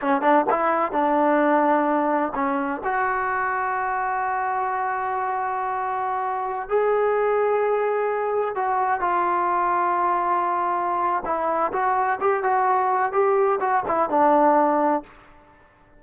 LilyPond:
\new Staff \with { instrumentName = "trombone" } { \time 4/4 \tempo 4 = 128 cis'8 d'8 e'4 d'2~ | d'4 cis'4 fis'2~ | fis'1~ | fis'2~ fis'16 gis'4.~ gis'16~ |
gis'2~ gis'16 fis'4 f'8.~ | f'1 | e'4 fis'4 g'8 fis'4. | g'4 fis'8 e'8 d'2 | }